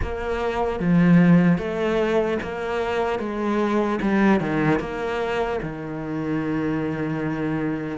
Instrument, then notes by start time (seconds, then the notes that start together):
cello
0.01 A#3
0.79 F3
1.58 A3
2.42 A#3
3.19 G#3
4.01 G3
4.40 D#3
4.79 A#3
5.62 D#3